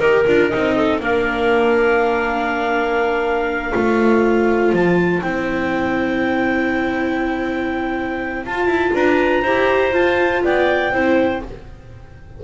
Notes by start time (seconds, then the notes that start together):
0.00 D#4 G4 A#4
0.27 D4 F4
0.49 D#4 D#5
0.56 C4
0.76 A4
1.00 A#3 D4 A#4 F5
3.73 A3 F4 C5
4.73 F3 A5
5.22 C4 E4 G5
8.46 F4 A5
8.66 E4
8.94 D4 B4 A#5
9.42 E4 G4 C5
9.92 F4 A5
10.44 B3 D5 G5
10.93 C4 E4 C5